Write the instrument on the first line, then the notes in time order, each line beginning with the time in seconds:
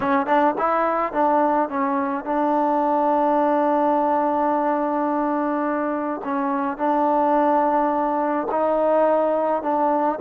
trombone
0.00 C#4
0.26 D4
0.58 E4
1.12 D4
1.69 C#4
2.24 D4
6.24 C#4
6.77 D4
8.51 D#4
9.62 D4